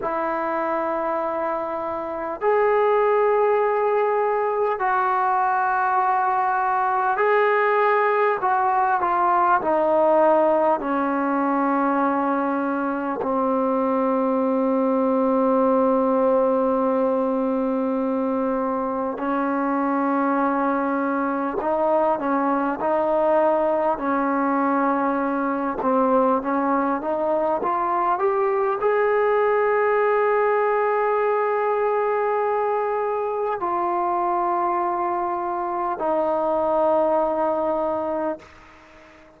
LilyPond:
\new Staff \with { instrumentName = "trombone" } { \time 4/4 \tempo 4 = 50 e'2 gis'2 | fis'2 gis'4 fis'8 f'8 | dis'4 cis'2 c'4~ | c'1 |
cis'2 dis'8 cis'8 dis'4 | cis'4. c'8 cis'8 dis'8 f'8 g'8 | gis'1 | f'2 dis'2 | }